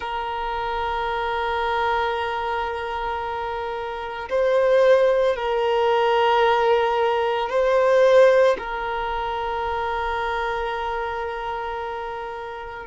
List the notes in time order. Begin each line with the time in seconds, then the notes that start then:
0.00 A#4
4.29 C5
5.36 A#4
7.50 C5
8.58 A#4